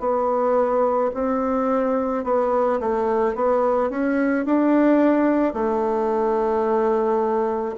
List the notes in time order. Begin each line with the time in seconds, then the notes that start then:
0.00 B3
1.14 C4
2.24 B3
2.80 A3
3.35 B3
3.90 C#4
4.45 D4
5.54 A3